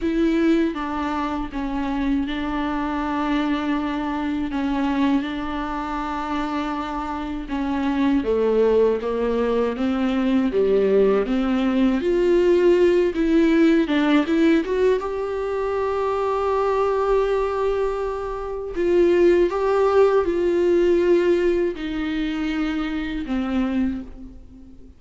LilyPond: \new Staff \with { instrumentName = "viola" } { \time 4/4 \tempo 4 = 80 e'4 d'4 cis'4 d'4~ | d'2 cis'4 d'4~ | d'2 cis'4 a4 | ais4 c'4 g4 c'4 |
f'4. e'4 d'8 e'8 fis'8 | g'1~ | g'4 f'4 g'4 f'4~ | f'4 dis'2 c'4 | }